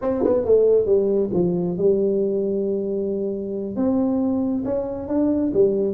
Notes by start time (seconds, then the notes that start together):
0.01 C4
0.24 B3
0.45 A3
0.85 G3
1.33 F3
1.77 G3
3.76 C4
4.64 C#4
5.08 D4
5.53 G3